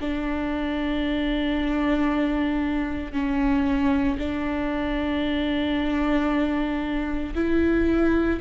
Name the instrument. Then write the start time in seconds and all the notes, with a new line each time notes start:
viola
0.00 D4
3.12 C#4
4.18 D4
7.34 E4